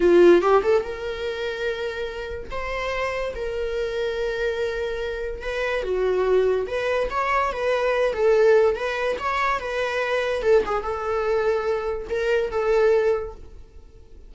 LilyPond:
\new Staff \with { instrumentName = "viola" } { \time 4/4 \tempo 4 = 144 f'4 g'8 a'8 ais'2~ | ais'2 c''2 | ais'1~ | ais'4 b'4 fis'2 |
b'4 cis''4 b'4. a'8~ | a'4 b'4 cis''4 b'4~ | b'4 a'8 gis'8 a'2~ | a'4 ais'4 a'2 | }